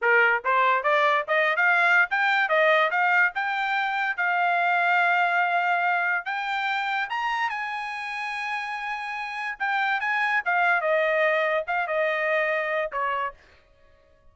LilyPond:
\new Staff \with { instrumentName = "trumpet" } { \time 4/4 \tempo 4 = 144 ais'4 c''4 d''4 dis''8. f''16~ | f''4 g''4 dis''4 f''4 | g''2 f''2~ | f''2. g''4~ |
g''4 ais''4 gis''2~ | gis''2. g''4 | gis''4 f''4 dis''2 | f''8 dis''2~ dis''8 cis''4 | }